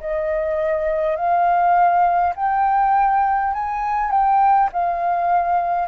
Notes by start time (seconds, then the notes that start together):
0.00 D#5
1.16 F5
2.36 G5
3.53 G#5
4.11 G5
4.73 F5